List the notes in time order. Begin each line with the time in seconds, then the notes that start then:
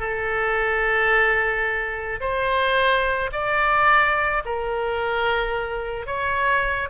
0.00 A4
2.21 C5
3.33 D5
4.46 A#4
6.07 C#5